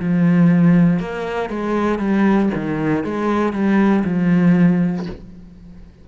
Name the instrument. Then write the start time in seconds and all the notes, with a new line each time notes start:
cello
0.00 F3
0.99 A#3
1.49 G#3
1.99 G3
2.55 D#3
3.04 G#3
3.53 G3
4.04 F3